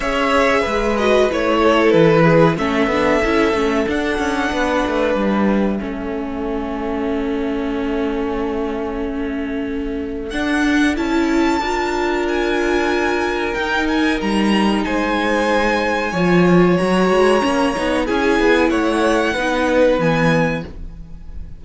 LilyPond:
<<
  \new Staff \with { instrumentName = "violin" } { \time 4/4 \tempo 4 = 93 e''4. dis''8 cis''4 b'4 | e''2 fis''2 | e''1~ | e''1 |
fis''4 a''2 gis''4~ | gis''4 g''8 gis''8 ais''4 gis''4~ | gis''2 ais''2 | gis''4 fis''2 gis''4 | }
  \new Staff \with { instrumentName = "violin" } { \time 4/4 cis''4 b'4. a'4 gis'8 | a'2. b'4~ | b'4 a'2.~ | a'1~ |
a'2 ais'2~ | ais'2. c''4~ | c''4 cis''2. | gis'4 cis''4 b'2 | }
  \new Staff \with { instrumentName = "viola" } { \time 4/4 gis'4. fis'8 e'2 | cis'8 d'8 e'8 cis'8 d'2~ | d'4 cis'2.~ | cis'1 |
d'4 e'4 f'2~ | f'4 dis'2.~ | dis'4 f'4 fis'4 cis'8 dis'8 | e'2 dis'4 b4 | }
  \new Staff \with { instrumentName = "cello" } { \time 4/4 cis'4 gis4 a4 e4 | a8 b8 cis'8 a8 d'8 cis'8 b8 a8 | g4 a2.~ | a1 |
d'4 cis'4 d'2~ | d'4 dis'4 g4 gis4~ | gis4 f4 fis8 gis8 ais8 b8 | cis'8 b8 a4 b4 e4 | }
>>